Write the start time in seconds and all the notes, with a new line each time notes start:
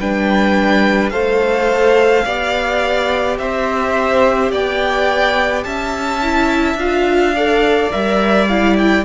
0.00 G3 D4 B4 G5
1.10 A3 A4 C5 F5
2.25 B3 G4 D5
3.39 C4 C5 E5
4.52 B3 D5 G5
5.64 C#4 E5 A5
6.22 E4
6.75 D4 F4 F5
7.36 A4 D5
7.92 G3 A#4 E5
8.48 E4 F5
8.79 G5